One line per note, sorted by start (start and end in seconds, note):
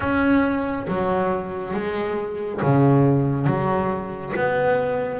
0.00 0.87 C#4
0.87 1.74 F#3
1.74 2.60 G#3
2.62 3.46 C#3
3.46 4.33 F#3
4.36 5.19 B3